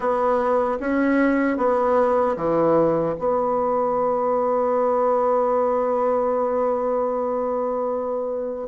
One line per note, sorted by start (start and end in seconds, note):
0.00 0.78 B3
0.80 1.57 C#4
1.57 2.36 B3
2.36 3.15 E3
3.18 8.68 B3